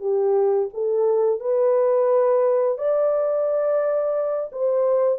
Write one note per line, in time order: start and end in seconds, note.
0.00 0.69 G4
0.73 1.40 A4
1.40 2.78 B4
2.78 4.50 D5
4.52 5.19 C5